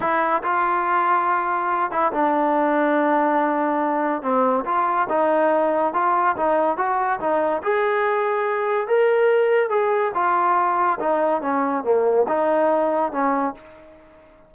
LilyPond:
\new Staff \with { instrumentName = "trombone" } { \time 4/4 \tempo 4 = 142 e'4 f'2.~ | f'8 e'8 d'2.~ | d'2 c'4 f'4 | dis'2 f'4 dis'4 |
fis'4 dis'4 gis'2~ | gis'4 ais'2 gis'4 | f'2 dis'4 cis'4 | ais4 dis'2 cis'4 | }